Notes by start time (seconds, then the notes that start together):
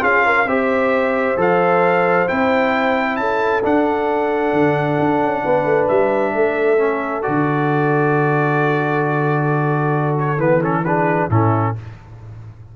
0.00 C#4 F4 G#4 F5
0.25 A#4
0.45 C4 G4 C5 E5
1.36 F3 A4 F5
2.27 C4 E4 G5
3.16 C#4 A4 A5
3.63 D4 F#5
4.52 D3
4.99 D4
5.21 C#4
5.43 B3 B4
5.64 A3
5.87 G3 E5
6.34 A3 A4
6.77 C#4
7.22 D3 F#4 D5
10.19 C#5
10.37 E3 B3 B4
10.62 C#4 A4
10.84 D4 G#4 B4
11.29 A2 C#4 E4 A4